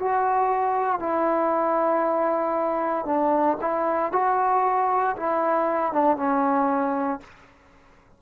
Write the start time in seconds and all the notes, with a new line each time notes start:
0.00 F#4
1.00 E4
3.06 D4
3.62 E4
4.13 F#4
5.17 E4
5.93 D4
6.17 C#4